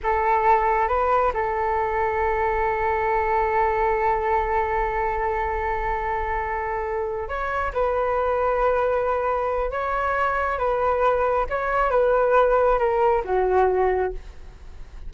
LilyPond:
\new Staff \with { instrumentName = "flute" } { \time 4/4 \tempo 4 = 136 a'2 b'4 a'4~ | a'1~ | a'1~ | a'1~ |
a'8 cis''4 b'2~ b'8~ | b'2 cis''2 | b'2 cis''4 b'4~ | b'4 ais'4 fis'2 | }